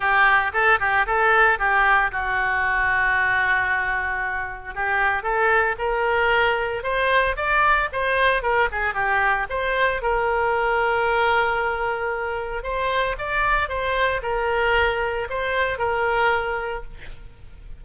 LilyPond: \new Staff \with { instrumentName = "oboe" } { \time 4/4 \tempo 4 = 114 g'4 a'8 g'8 a'4 g'4 | fis'1~ | fis'4 g'4 a'4 ais'4~ | ais'4 c''4 d''4 c''4 |
ais'8 gis'8 g'4 c''4 ais'4~ | ais'1 | c''4 d''4 c''4 ais'4~ | ais'4 c''4 ais'2 | }